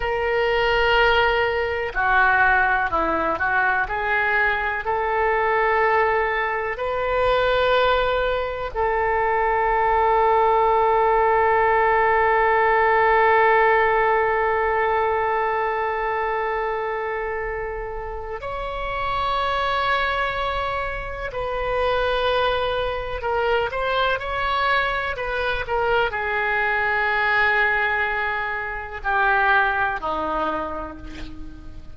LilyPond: \new Staff \with { instrumentName = "oboe" } { \time 4/4 \tempo 4 = 62 ais'2 fis'4 e'8 fis'8 | gis'4 a'2 b'4~ | b'4 a'2.~ | a'1~ |
a'2. cis''4~ | cis''2 b'2 | ais'8 c''8 cis''4 b'8 ais'8 gis'4~ | gis'2 g'4 dis'4 | }